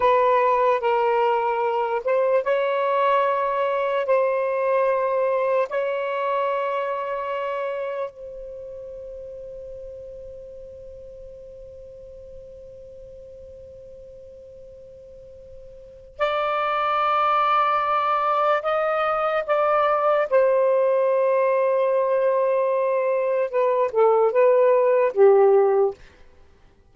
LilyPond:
\new Staff \with { instrumentName = "saxophone" } { \time 4/4 \tempo 4 = 74 b'4 ais'4. c''8 cis''4~ | cis''4 c''2 cis''4~ | cis''2 c''2~ | c''1~ |
c''1 | d''2. dis''4 | d''4 c''2.~ | c''4 b'8 a'8 b'4 g'4 | }